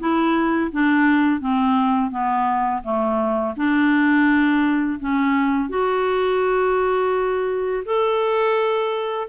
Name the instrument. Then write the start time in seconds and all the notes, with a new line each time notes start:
clarinet
0.00 E4
0.72 D4
1.41 C4
2.11 B3
2.84 A3
3.57 D4
5.00 C#4
5.70 F#4
7.85 A4